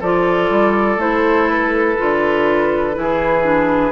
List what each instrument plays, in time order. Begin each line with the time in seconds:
0.00 bassoon F3, clarinet F4, oboe A4, flute D5
0.50 bassoon G3
0.97 bassoon A3, clarinet E4, flute C5
1.49 flute B4
1.97 bassoon D3, clarinet F4
2.94 bassoon E3, clarinet E4, oboe G#4
3.43 clarinet D4